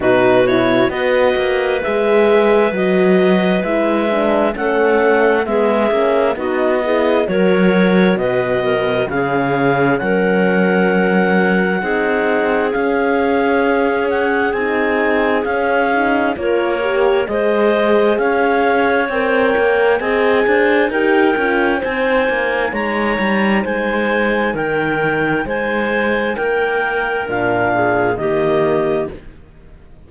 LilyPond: <<
  \new Staff \with { instrumentName = "clarinet" } { \time 4/4 \tempo 4 = 66 b'8 cis''8 dis''4 e''4 dis''4 | e''4 fis''4 e''4 dis''4 | cis''4 dis''4 f''4 fis''4~ | fis''2 f''4. fis''8 |
gis''4 f''4 cis''4 dis''4 | f''4 g''4 gis''4 g''4 | gis''4 ais''4 gis''4 g''4 | gis''4 g''4 f''4 dis''4 | }
  \new Staff \with { instrumentName = "clarinet" } { \time 4/4 fis'4 b'2.~ | b'4 a'4 gis'4 fis'8 gis'8 | ais'4 b'8 ais'8 gis'4 ais'4~ | ais'4 gis'2.~ |
gis'2 ais'4 c''4 | cis''2 dis''8 c''8 ais'4 | c''4 cis''4 c''4 ais'4 | c''4 ais'4. gis'8 g'4 | }
  \new Staff \with { instrumentName = "horn" } { \time 4/4 dis'8 e'8 fis'4 gis'4 fis'4 | e'8 d'8 cis'4 b8 cis'8 dis'8 e'8 | fis'2 cis'2~ | cis'4 dis'4 cis'2 |
dis'4 cis'8 dis'8 f'8 g'8 gis'4~ | gis'4 ais'4 gis'4 g'8 f'8 | dis'1~ | dis'2 d'4 ais4 | }
  \new Staff \with { instrumentName = "cello" } { \time 4/4 b,4 b8 ais8 gis4 fis4 | gis4 a4 gis8 ais8 b4 | fis4 b,4 cis4 fis4~ | fis4 c'4 cis'2 |
c'4 cis'4 ais4 gis4 | cis'4 c'8 ais8 c'8 d'8 dis'8 cis'8 | c'8 ais8 gis8 g8 gis4 dis4 | gis4 ais4 ais,4 dis4 | }
>>